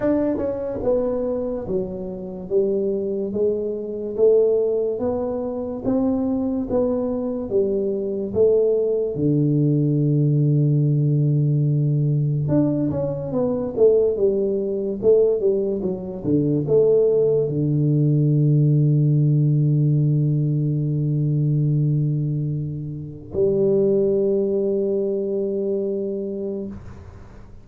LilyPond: \new Staff \with { instrumentName = "tuba" } { \time 4/4 \tempo 4 = 72 d'8 cis'8 b4 fis4 g4 | gis4 a4 b4 c'4 | b4 g4 a4 d4~ | d2. d'8 cis'8 |
b8 a8 g4 a8 g8 fis8 d8 | a4 d2.~ | d1 | g1 | }